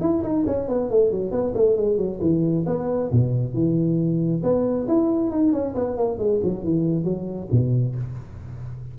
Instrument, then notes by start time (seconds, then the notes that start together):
tuba
0.00 E4
0.23 D#4
0.46 C#4
0.68 B3
0.90 A3
1.11 F#3
1.31 B3
1.54 A3
1.76 G#3
1.97 F#3
2.21 E3
2.66 B3
3.11 B2
3.53 E3
4.43 B3
4.87 E4
5.30 D#4
5.52 C#4
5.75 B3
5.96 A#3
6.18 G#3
6.43 F#3
6.63 E3
7.04 F#3
7.51 B2